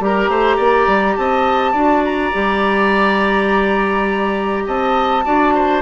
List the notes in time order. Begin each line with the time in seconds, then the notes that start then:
0.00 G3 G4 A#4 A#5
0.29 A3 C5
0.57 A#3 D5
0.87 G3
1.16 C4 D#5 A5
1.73 D4 F#4 D5
2.04 A#5
2.32 G3 G4
4.67 C4 D#5 A5
5.25 D4 F#4 D5
5.55 C5